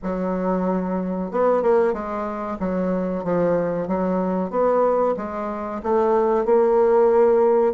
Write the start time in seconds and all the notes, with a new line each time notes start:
0.03 F#3
1.31 B3
1.62 A#3
1.93 G#3
2.59 F#3
3.24 F3
3.87 F#3
4.50 B3
5.16 G#3
5.82 A3
6.45 A#3